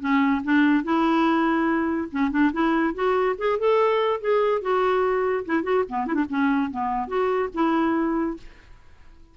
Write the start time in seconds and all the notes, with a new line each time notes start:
0.00 C#4
0.44 D4
0.84 E4
2.11 C#4
2.31 D4
2.53 E4
2.94 F#4
3.38 G#4
3.59 A4
4.20 G#4
4.62 F#4
5.46 E4
5.63 F#4
5.89 B3
6.07 E4
6.14 D4
6.29 C#4
6.71 B3
7.08 F#4
7.54 E4